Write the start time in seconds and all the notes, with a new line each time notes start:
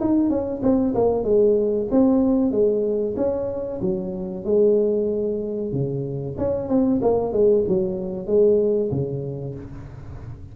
0.00 D#4
0.29 C#4
0.62 C4
0.94 A#3
1.24 G#3
1.91 C4
2.51 G#3
3.16 C#4
3.81 F#3
4.44 G#3
5.72 C#3
6.37 C#4
6.68 C4
7.02 A#3
7.32 G#3
7.68 F#3
8.26 G#3
8.91 C#3